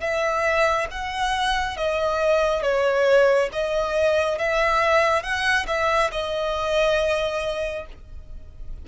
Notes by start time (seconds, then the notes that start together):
0.00 E5
0.90 F#5
1.76 D#5
2.62 C#5
3.52 D#5
4.38 E5
5.22 F#5
5.67 E5
6.11 D#5